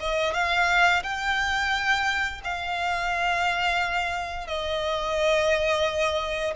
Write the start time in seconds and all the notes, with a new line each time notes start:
0.00 D#5
0.34 F5
1.03 G5
2.44 F5
4.47 D#5